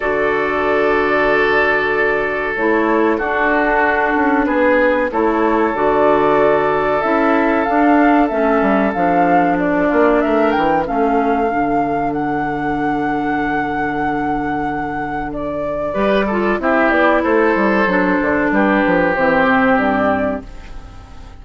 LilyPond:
<<
  \new Staff \with { instrumentName = "flute" } { \time 4/4 \tempo 4 = 94 d''1 | cis''4 a'2 b'4 | cis''4 d''2 e''4 | f''4 e''4 f''4 d''4 |
e''8 g''8 f''2 fis''4~ | fis''1 | d''2 e''8 d''8 c''4~ | c''4 b'4 c''4 d''4 | }
  \new Staff \with { instrumentName = "oboe" } { \time 4/4 a'1~ | a'4 fis'2 gis'4 | a'1~ | a'2.~ a'8 f'8 |
ais'4 a'2.~ | a'1~ | a'4 b'8 a'8 g'4 a'4~ | a'4 g'2. | }
  \new Staff \with { instrumentName = "clarinet" } { \time 4/4 fis'1 | e'4 d'2. | e'4 fis'2 e'4 | d'4 cis'4 d'2~ |
d'4 cis'4 d'2~ | d'1~ | d'4 g'8 f'8 e'2 | d'2 c'2 | }
  \new Staff \with { instrumentName = "bassoon" } { \time 4/4 d1 | a4 d'4. cis'8 b4 | a4 d2 cis'4 | d'4 a8 g8 f4. ais8 |
a8 e8 a4 d2~ | d1~ | d4 g4 c'8 b8 a8 g8 | fis8 d8 g8 f8 e8 c8 g,4 | }
>>